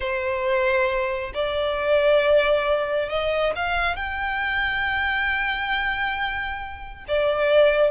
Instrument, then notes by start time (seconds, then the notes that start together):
violin
0.00 C5
1.34 D5
3.09 D#5
3.55 F5
3.95 G5
7.08 D5